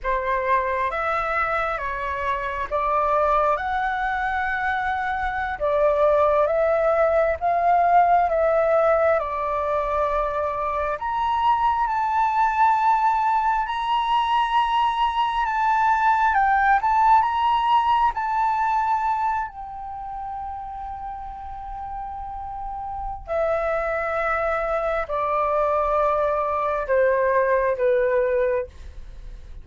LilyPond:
\new Staff \with { instrumentName = "flute" } { \time 4/4 \tempo 4 = 67 c''4 e''4 cis''4 d''4 | fis''2~ fis''16 d''4 e''8.~ | e''16 f''4 e''4 d''4.~ d''16~ | d''16 ais''4 a''2 ais''8.~ |
ais''4~ ais''16 a''4 g''8 a''8 ais''8.~ | ais''16 a''4. g''2~ g''16~ | g''2 e''2 | d''2 c''4 b'4 | }